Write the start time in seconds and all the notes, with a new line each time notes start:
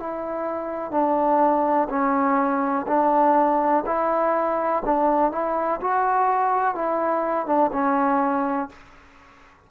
0.00 E4
0.92 D4
1.90 C#4
2.88 D4
3.87 E4
4.86 D4
5.32 E4
5.82 F#4
6.75 E4
7.47 D4
7.73 C#4